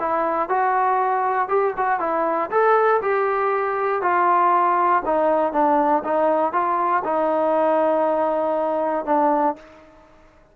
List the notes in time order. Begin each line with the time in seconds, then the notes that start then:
0.00 E4
0.49 F#4
1.49 G4
1.77 F#4
2.00 E4
2.51 A4
3.02 G4
4.02 F4
5.06 D#4
5.53 D4
6.04 D#4
6.53 F4
7.05 D#4
9.06 D4